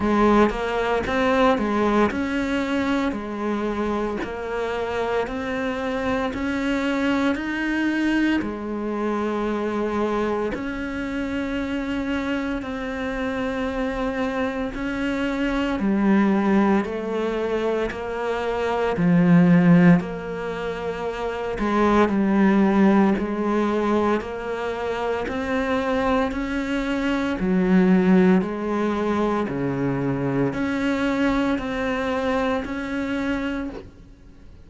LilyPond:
\new Staff \with { instrumentName = "cello" } { \time 4/4 \tempo 4 = 57 gis8 ais8 c'8 gis8 cis'4 gis4 | ais4 c'4 cis'4 dis'4 | gis2 cis'2 | c'2 cis'4 g4 |
a4 ais4 f4 ais4~ | ais8 gis8 g4 gis4 ais4 | c'4 cis'4 fis4 gis4 | cis4 cis'4 c'4 cis'4 | }